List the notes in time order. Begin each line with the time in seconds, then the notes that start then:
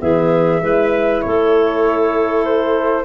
0.00 E3 B3 G#4 E5
0.60 G#3 E4 B4
1.21 A3 A4 C#5
2.45 C5